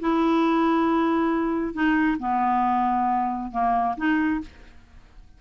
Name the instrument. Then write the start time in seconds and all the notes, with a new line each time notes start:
clarinet
0.00 E4
1.74 D#4
2.19 B3
3.52 A#3
3.97 D#4